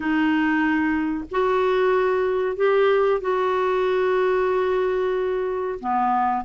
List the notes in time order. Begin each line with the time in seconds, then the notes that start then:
0.00 D#4
1.31 F#4
2.56 G4
3.21 F#4
5.80 B3